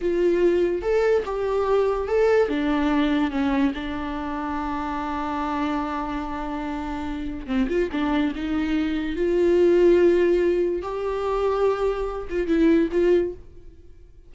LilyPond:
\new Staff \with { instrumentName = "viola" } { \time 4/4 \tempo 4 = 144 f'2 a'4 g'4~ | g'4 a'4 d'2 | cis'4 d'2.~ | d'1~ |
d'2 c'8 f'8 d'4 | dis'2 f'2~ | f'2 g'2~ | g'4. f'8 e'4 f'4 | }